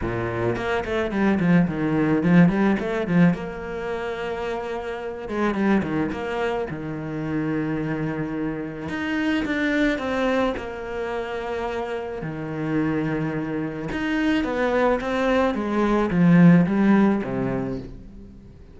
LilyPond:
\new Staff \with { instrumentName = "cello" } { \time 4/4 \tempo 4 = 108 ais,4 ais8 a8 g8 f8 dis4 | f8 g8 a8 f8 ais2~ | ais4. gis8 g8 dis8 ais4 | dis1 |
dis'4 d'4 c'4 ais4~ | ais2 dis2~ | dis4 dis'4 b4 c'4 | gis4 f4 g4 c4 | }